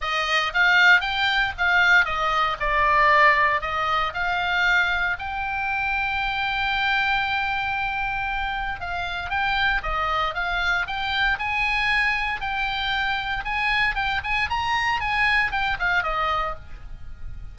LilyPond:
\new Staff \with { instrumentName = "oboe" } { \time 4/4 \tempo 4 = 116 dis''4 f''4 g''4 f''4 | dis''4 d''2 dis''4 | f''2 g''2~ | g''1~ |
g''4 f''4 g''4 dis''4 | f''4 g''4 gis''2 | g''2 gis''4 g''8 gis''8 | ais''4 gis''4 g''8 f''8 dis''4 | }